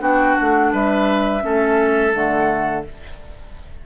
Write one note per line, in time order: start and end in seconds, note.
0.00 0.35 B3
0.00 1.41 D4
0.00 0.72 F#4
0.00 0.37 G5
0.37 0.73 A3
0.37 0.73 F#5
0.73 1.44 G3
0.73 1.43 B4
0.73 2.14 E5
1.41 2.14 A3
1.41 2.12 C#4
1.41 2.86 A4
2.14 2.85 D3
2.14 2.84 A3
2.14 2.85 F#5